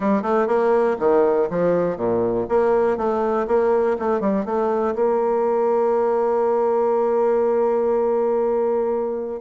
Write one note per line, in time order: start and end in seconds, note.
0.00 0.22 G3
0.22 0.47 A3
0.47 0.96 A#3
0.99 1.48 D#3
1.50 1.97 F3
1.97 2.46 A#2
2.48 2.97 A#3
2.97 3.46 A3
3.47 3.96 A#3
3.99 4.20 A3
4.20 4.45 G3
4.45 4.94 A3
4.95 9.41 A#3